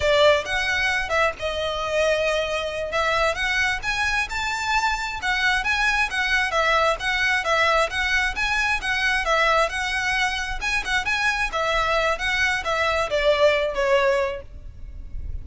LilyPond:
\new Staff \with { instrumentName = "violin" } { \time 4/4 \tempo 4 = 133 d''4 fis''4. e''8 dis''4~ | dis''2~ dis''8 e''4 fis''8~ | fis''8 gis''4 a''2 fis''8~ | fis''8 gis''4 fis''4 e''4 fis''8~ |
fis''8 e''4 fis''4 gis''4 fis''8~ | fis''8 e''4 fis''2 gis''8 | fis''8 gis''4 e''4. fis''4 | e''4 d''4. cis''4. | }